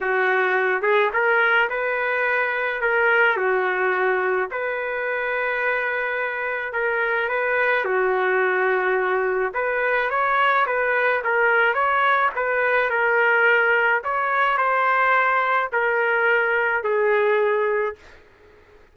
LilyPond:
\new Staff \with { instrumentName = "trumpet" } { \time 4/4 \tempo 4 = 107 fis'4. gis'8 ais'4 b'4~ | b'4 ais'4 fis'2 | b'1 | ais'4 b'4 fis'2~ |
fis'4 b'4 cis''4 b'4 | ais'4 cis''4 b'4 ais'4~ | ais'4 cis''4 c''2 | ais'2 gis'2 | }